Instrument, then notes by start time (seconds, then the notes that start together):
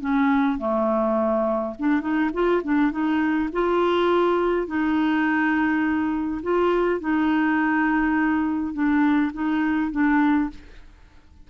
clarinet
0.00 C#4
0.58 A3
1.79 D4
2.01 D#4
2.33 F4
2.63 D4
2.91 D#4
3.53 F4
4.67 D#4
6.42 F4
7.00 D#4
8.73 D4
9.33 D#4
9.91 D4